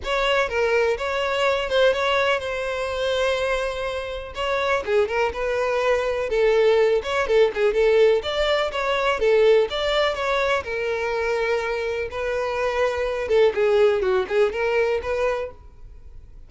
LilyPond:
\new Staff \with { instrumentName = "violin" } { \time 4/4 \tempo 4 = 124 cis''4 ais'4 cis''4. c''8 | cis''4 c''2.~ | c''4 cis''4 gis'8 ais'8 b'4~ | b'4 a'4. cis''8 a'8 gis'8 |
a'4 d''4 cis''4 a'4 | d''4 cis''4 ais'2~ | ais'4 b'2~ b'8 a'8 | gis'4 fis'8 gis'8 ais'4 b'4 | }